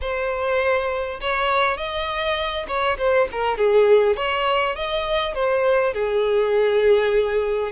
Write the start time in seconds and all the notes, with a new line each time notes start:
0.01 C5
1.20 C#5
1.77 D#5
2.67 C#5
2.98 C5
3.31 A#4
3.57 G#4
4.16 C#5
4.75 D#5
5.34 C5
5.93 G#4